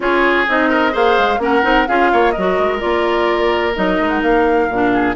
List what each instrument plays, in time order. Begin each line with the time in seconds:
0.00 bassoon C#4, clarinet F4, oboe G#4, flute C#5
0.48 bassoon C4, clarinet D#4, flute D#5
0.69 oboe A#4
0.92 bassoon A#3, clarinet G#4, oboe C5, flute F5
1.18 bassoon G#3
1.38 bassoon A#3, clarinet C#4, oboe A#4, flute F#5
1.62 bassoon C4, clarinet D#4
1.87 bassoon C#4, clarinet F4, oboe G#4, flute F5
2.12 bassoon A#3, oboe C#5
2.31 oboe A#4, flute D#5
2.37 bassoon F#3, clarinet F#4
2.58 bassoon G#3
2.79 bassoon A#3, clarinet F4, flute D5
3.75 bassoon F#3, clarinet D#4, flute D#5
3.99 bassoon G#3
4.08 flute F#5
4.22 bassoon A#3, flute F5
4.69 bassoon A#2, clarinet D4
4.93 oboe G#4